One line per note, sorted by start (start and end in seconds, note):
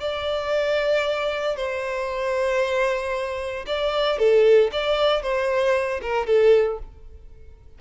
0.00 1.57 D5
1.57 3.65 C5
3.66 4.18 D5
4.18 4.70 A4
4.72 5.22 D5
5.22 6.00 C5
6.01 6.26 A#4
6.26 6.78 A4